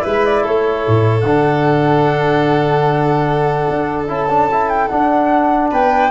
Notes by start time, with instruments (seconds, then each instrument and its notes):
0.00 tuba G#3, trombone E4, violin B4
0.07 flute E5
0.26 flute D5
0.43 tuba A3, violin A4, flute C#5
0.87 tuba A2
1.21 tuba D3, trombone D4, flute F#5
3.70 tuba D4
4.08 tuba C#4, trombone E4, flute A5
4.29 trombone D4
4.52 trombone E4
4.70 flute G5
4.88 trombone D4, tuba D4, flute F#5
5.71 tuba B3, violin B4, flute G5